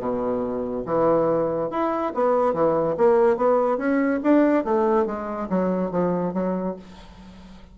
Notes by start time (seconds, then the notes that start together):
0.00 B2
0.86 E3
1.71 E4
2.15 B3
2.54 E3
2.98 A#3
3.37 B3
3.78 C#4
4.24 D4
4.65 A3
5.06 G#3
5.50 F#3
5.92 F3
6.34 F#3